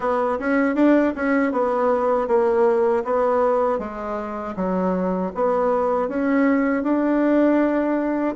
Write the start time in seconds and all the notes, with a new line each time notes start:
0.00 B3
0.39 C#4
0.75 D4
1.15 C#4
1.52 B3
2.27 A#3
3.04 B3
3.78 G#3
4.56 F#3
5.34 B3
6.08 C#4
6.83 D4